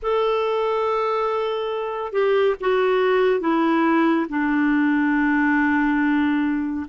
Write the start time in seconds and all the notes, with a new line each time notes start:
0.02 A4
2.12 G4
2.60 F#4
3.40 E4
4.29 D4